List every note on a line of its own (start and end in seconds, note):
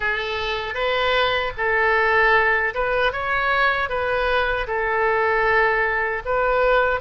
0.00 0.74 A4
0.74 1.52 B4
1.57 2.74 A4
2.74 3.12 B4
3.12 3.89 C#5
3.89 4.66 B4
4.67 6.23 A4
6.25 7.00 B4